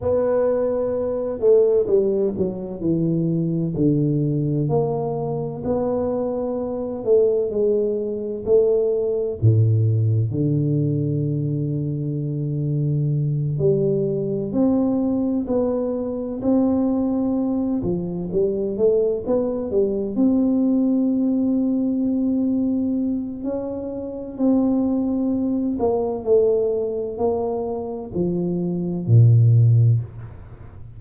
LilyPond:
\new Staff \with { instrumentName = "tuba" } { \time 4/4 \tempo 4 = 64 b4. a8 g8 fis8 e4 | d4 ais4 b4. a8 | gis4 a4 a,4 d4~ | d2~ d8 g4 c'8~ |
c'8 b4 c'4. f8 g8 | a8 b8 g8 c'2~ c'8~ | c'4 cis'4 c'4. ais8 | a4 ais4 f4 ais,4 | }